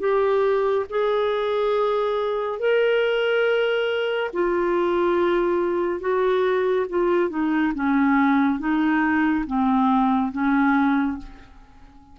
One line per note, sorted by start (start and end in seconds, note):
0.00 0.86 G4
0.90 2.59 G#4
2.59 4.31 A#4
4.33 6.01 F4
6.01 6.86 F#4
6.90 7.30 F4
7.30 7.73 D#4
7.75 8.59 C#4
8.59 9.45 D#4
9.47 10.32 C4
10.32 11.18 C#4